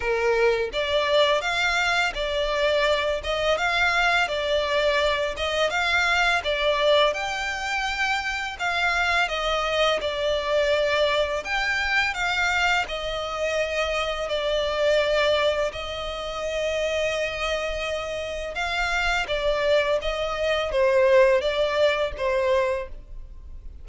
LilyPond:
\new Staff \with { instrumentName = "violin" } { \time 4/4 \tempo 4 = 84 ais'4 d''4 f''4 d''4~ | d''8 dis''8 f''4 d''4. dis''8 | f''4 d''4 g''2 | f''4 dis''4 d''2 |
g''4 f''4 dis''2 | d''2 dis''2~ | dis''2 f''4 d''4 | dis''4 c''4 d''4 c''4 | }